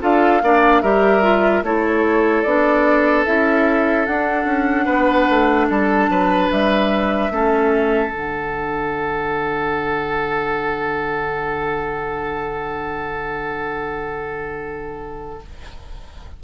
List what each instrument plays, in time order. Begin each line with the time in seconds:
0.00 bassoon D4, clarinet F4, oboe A4, flute F5
0.42 bassoon A#3, clarinet D4, oboe D5
0.82 bassoon G3, clarinet G4, oboe A#4, flute E5
1.22 clarinet F4
1.62 bassoon A3, clarinet E4, oboe A4, flute C#5
2.42 bassoon B3, clarinet D4, flute D5
3.24 bassoon C#4, clarinet E4, flute E5
4.05 bassoon D4, clarinet D4, flute F#5
4.45 bassoon C#4
4.85 bassoon B3, oboe B4
5.29 bassoon A3
5.69 bassoon G3, oboe A4, flute A5
6.08 bassoon F#3, oboe B4
6.51 bassoon G3, flute E5
7.30 bassoon A3, clarinet C#4, oboe A4
8.10 bassoon D3, clarinet D4, flute F#5